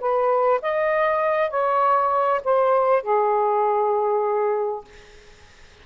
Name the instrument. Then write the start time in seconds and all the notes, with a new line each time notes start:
saxophone
0.00 B4
0.62 D#5
1.50 C#5
2.44 C5
3.03 G#4